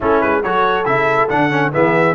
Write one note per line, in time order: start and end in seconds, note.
0.00 0.22 A3
0.00 0.44 C#4
0.00 0.43 E4
0.00 0.20 A4
0.20 0.44 G#3
0.20 0.42 B4
0.43 0.85 F#3
0.43 0.85 F#4
0.43 1.73 A4
0.43 0.85 C#5
0.85 1.29 C#3
0.85 1.28 E4
0.85 1.28 E5
1.29 1.73 D3
1.29 1.50 D4
1.29 1.72 F#5
1.50 1.71 C#4
1.72 2.14 E3
1.72 2.14 B3
1.72 2.14 G#4
1.72 2.14 E5